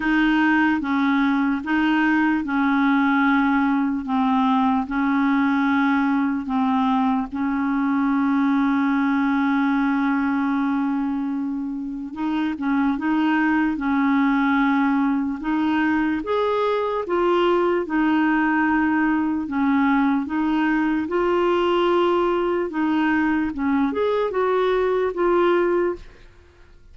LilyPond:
\new Staff \with { instrumentName = "clarinet" } { \time 4/4 \tempo 4 = 74 dis'4 cis'4 dis'4 cis'4~ | cis'4 c'4 cis'2 | c'4 cis'2.~ | cis'2. dis'8 cis'8 |
dis'4 cis'2 dis'4 | gis'4 f'4 dis'2 | cis'4 dis'4 f'2 | dis'4 cis'8 gis'8 fis'4 f'4 | }